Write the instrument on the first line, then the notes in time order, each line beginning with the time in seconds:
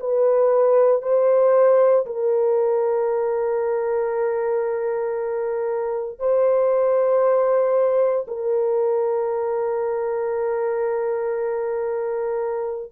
horn
0.00 B4
1.02 C5
2.06 A#4
6.19 C5
8.28 A#4